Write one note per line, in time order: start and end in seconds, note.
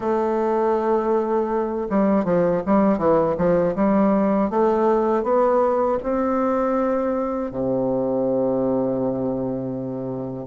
0.00 1.87 A3
1.89 2.24 G3
2.24 2.61 F3
2.66 2.98 G3
2.98 3.35 E3
3.37 3.75 F3
3.75 4.50 G3
4.50 5.23 A3
5.23 5.98 B3
6.02 7.51 C4
7.51 10.46 C3